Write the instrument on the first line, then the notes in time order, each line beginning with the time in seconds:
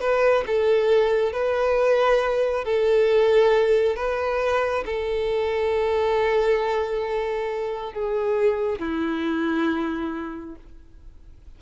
violin
0.00 B4
0.47 A4
1.32 B4
2.64 A4
3.96 B4
4.85 A4
7.93 G#4
8.79 E4